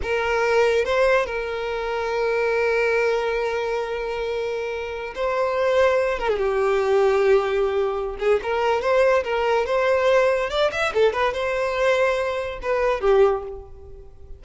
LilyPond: \new Staff \with { instrumentName = "violin" } { \time 4/4 \tempo 4 = 143 ais'2 c''4 ais'4~ | ais'1~ | ais'1~ | ais'16 c''2~ c''8 ais'16 gis'16 g'8.~ |
g'2.~ g'8 gis'8 | ais'4 c''4 ais'4 c''4~ | c''4 d''8 e''8 a'8 b'8 c''4~ | c''2 b'4 g'4 | }